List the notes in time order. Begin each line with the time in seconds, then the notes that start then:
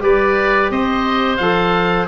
0.00 G3 G4 B4 D5
0.70 C4 C5 D#5
1.37 F3 A4 F5